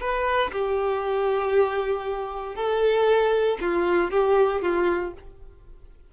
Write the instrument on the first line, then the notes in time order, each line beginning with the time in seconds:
violin
0.00 B4
0.52 G4
2.55 A4
3.61 F4
4.11 G4
4.62 F4